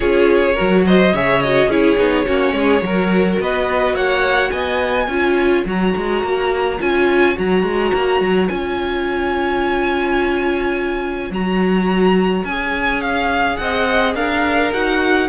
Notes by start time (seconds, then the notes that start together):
0.00 C#4 F4 G#4 C#5
0.53 F#4 A#4
0.60 F#3
0.86 C5 D#5
1.13 C#3 G#4 C#5 E5
1.41 F#4 D#5
1.67 C#4 E4 G#4 C#5
1.97 B3 D#4
2.25 A#3 C#4 F#4
2.53 G#3 G#4
2.80 F#3 F#4 A#4
3.39 B3 B4 D#5
3.94 A#3 C#5 F#5
4.50 B3 D#5 G#5
5.07 C#4 F4 C#5
5.65 F#3 F#4 A#5
5.96 G#3
6.23 A#3
6.80 C#4 F4 G#5
7.34 F#3 F#4 A#5
7.63 G#3
7.94 A#3
8.20 F#3
8.48 C#4 F4 G#5
11.30 F#3 F#4 A#5
12.44 C#4 G#4 G#5
13.01 F5
13.56 C4 D#5 F#5
14.15 D4 A#4 F5
14.72 D#4 F#4 F#5